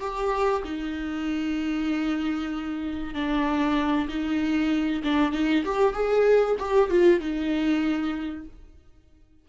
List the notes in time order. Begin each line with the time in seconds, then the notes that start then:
0.00 G4
0.64 D#4
3.14 D4
4.09 D#4
5.04 D4
5.32 D#4
5.65 G4
5.94 G#4
6.59 G4
6.90 F4
7.20 D#4